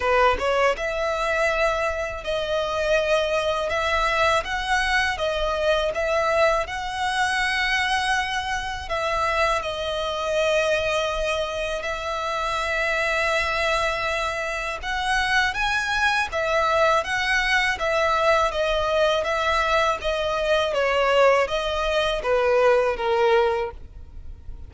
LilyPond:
\new Staff \with { instrumentName = "violin" } { \time 4/4 \tempo 4 = 81 b'8 cis''8 e''2 dis''4~ | dis''4 e''4 fis''4 dis''4 | e''4 fis''2. | e''4 dis''2. |
e''1 | fis''4 gis''4 e''4 fis''4 | e''4 dis''4 e''4 dis''4 | cis''4 dis''4 b'4 ais'4 | }